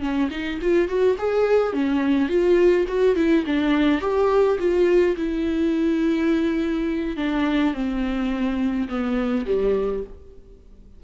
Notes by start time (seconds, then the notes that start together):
0.00 C#4
0.30 D#4
0.61 F4
0.88 F#4
1.18 G#4
1.73 C#4
2.28 F4
2.87 F#4
3.16 E4
3.46 D4
4.01 G4
4.58 F4
5.16 E4
7.16 D4
7.73 C4
8.88 B3
9.46 G3